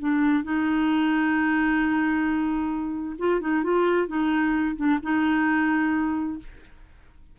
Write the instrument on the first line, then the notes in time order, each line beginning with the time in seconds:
clarinet
0.00 D4
0.44 D#4
3.19 F4
3.41 D#4
3.64 F4
4.08 D#4
4.77 D4
5.03 D#4